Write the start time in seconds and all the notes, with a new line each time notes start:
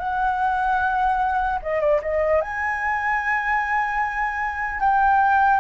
0.00 F#5
1.63 D#5
1.81 D5
2.03 D#5
2.42 G#5
4.80 G5